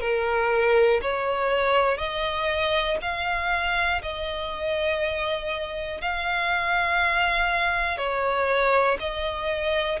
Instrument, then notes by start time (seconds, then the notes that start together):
violin
0.00 A#4
1.01 C#5
1.97 D#5
3.01 F5
4.02 D#5
6.01 F5
7.97 C#5
9.00 D#5